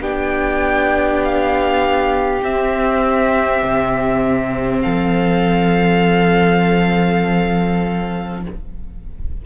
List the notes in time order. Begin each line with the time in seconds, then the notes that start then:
0.00 B3 D4 G4 G5
1.24 F5
2.41 C4 E5
3.63 C3
4.81 F3 A4 F5